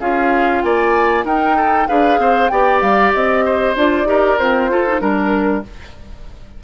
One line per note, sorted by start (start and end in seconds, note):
0.00 0.62 C#4
0.00 1.26 F4
0.00 0.63 G#4
0.00 0.62 F5
0.62 1.24 A#3
0.62 1.26 D5
0.62 1.25 G#5
1.24 1.87 D#4
1.24 1.88 D#4
1.24 1.57 A#4
1.24 1.88 G5
1.57 1.88 A4
1.88 2.19 D4
1.88 2.50 G#4
1.88 2.20 B4
1.88 2.49 F5
2.19 2.50 C4
2.19 2.52 C5
2.49 2.82 B3
2.49 3.77 G4
2.49 3.45 D5
2.49 2.80 G5
2.82 3.13 G3
2.82 3.13 F5
3.14 3.76 C4
3.14 3.76 D#5
3.46 4.08 C5
3.76 4.05 D4
3.76 4.06 F4
3.76 4.38 D5
4.05 4.37 D#4
4.05 4.37 G4
4.05 4.71 A#4
4.38 4.70 C4
4.38 5.01 F4
4.38 5.01 C5
4.70 4.86 F4
4.70 5.01 A4
4.87 5.00 D#4
5.00 5.64 G3
5.00 5.63 D4
5.00 5.63 A#4
5.00 5.64 A#4